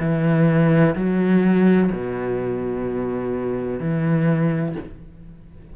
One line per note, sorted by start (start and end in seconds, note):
0.00 0.95 E3
0.96 1.91 F#3
1.92 3.80 B2
3.80 4.75 E3